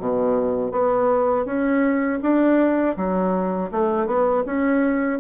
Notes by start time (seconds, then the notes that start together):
0.00 B2
0.72 B3
1.46 C#4
2.23 D4
2.97 F#3
3.72 A3
4.07 B3
4.46 C#4